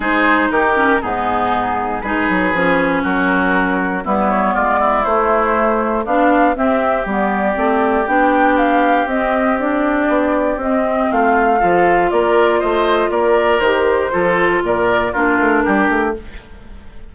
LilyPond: <<
  \new Staff \with { instrumentName = "flute" } { \time 4/4 \tempo 4 = 119 c''4 ais'4 gis'2 | b'2 ais'2 | b'8 cis''8 d''4 c''2 | f''4 e''4 d''2 |
g''4 f''4 dis''4 d''4~ | d''4 dis''4 f''2 | d''4 dis''4 d''4 c''4~ | c''4 d''4 ais'2 | }
  \new Staff \with { instrumentName = "oboe" } { \time 4/4 gis'4 g'4 dis'2 | gis'2 fis'2 | e'4 f'8 e'2~ e'8 | d'4 g'2.~ |
g'1~ | g'2 f'4 a'4 | ais'4 c''4 ais'2 | a'4 ais'4 f'4 g'4 | }
  \new Staff \with { instrumentName = "clarinet" } { \time 4/4 dis'4. cis'8 b2 | dis'4 cis'2. | b2 a2 | d'4 c'4 b4 c'4 |
d'2 c'4 d'4~ | d'4 c'2 f'4~ | f'2. g'4 | f'2 d'2 | }
  \new Staff \with { instrumentName = "bassoon" } { \time 4/4 gis4 dis4 gis,2 | gis8 fis8 f4 fis2 | g4 gis4 a2 | b4 c'4 g4 a4 |
b2 c'2 | b4 c'4 a4 f4 | ais4 a4 ais4 dis4 | f4 ais,4 ais8 a8 g8 a8 | }
>>